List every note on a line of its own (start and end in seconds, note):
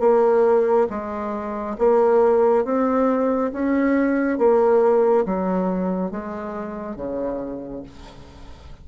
0.00 0.87 A#3
0.90 1.77 G#3
1.78 2.65 A#3
2.65 3.52 C4
3.53 4.38 C#4
4.38 5.25 A#3
5.26 6.11 F#3
6.11 6.96 G#3
6.96 7.83 C#3